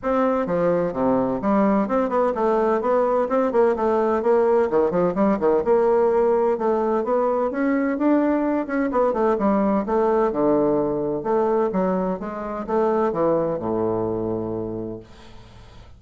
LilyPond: \new Staff \with { instrumentName = "bassoon" } { \time 4/4 \tempo 4 = 128 c'4 f4 c4 g4 | c'8 b8 a4 b4 c'8 ais8 | a4 ais4 dis8 f8 g8 dis8 | ais2 a4 b4 |
cis'4 d'4. cis'8 b8 a8 | g4 a4 d2 | a4 fis4 gis4 a4 | e4 a,2. | }